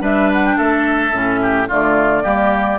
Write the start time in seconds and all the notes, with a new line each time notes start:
0.00 G3 D4 B4 E5
0.32 F#5
0.45 G5
0.57 A3 A4 E5
1.12 A2 C#4
1.41 G4
1.67 D3 A3 F4 D5
2.22 G3 A#3 G4